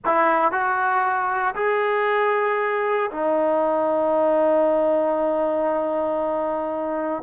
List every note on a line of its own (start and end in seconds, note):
0.05 0.51 E4
0.51 1.54 F#4
1.55 3.10 G#4
3.11 7.22 D#4